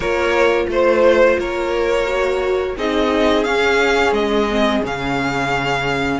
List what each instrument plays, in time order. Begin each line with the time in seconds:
0.00 cello A#3, viola F4, violin A#4 C#5
0.68 cello A3, violin C5
1.39 cello A#3, violin A#4 C#5
2.06 viola F#4
2.76 cello C4, viola D#4, violin G#4 D#5
3.44 viola C#4, cello C#4, violin F5
4.12 cello G#3, violin D#5
4.50 viola C4
4.83 cello C#3, viola C#4, violin F5